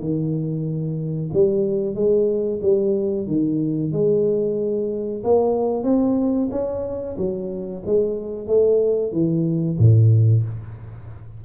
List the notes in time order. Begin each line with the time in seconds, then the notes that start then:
0.00 D#3
1.33 G3
1.95 G#3
2.62 G3
3.27 D#3
3.92 G#3
5.24 A#3
5.83 C4
6.51 C#4
7.17 F#3
7.86 G#3
8.47 A3
9.12 E3
9.78 A2